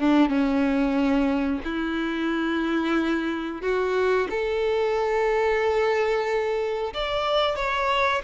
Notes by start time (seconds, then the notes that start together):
0.00 D4
0.29 C#4
1.65 E4
3.62 F#4
4.30 A4
6.94 D5
7.56 C#5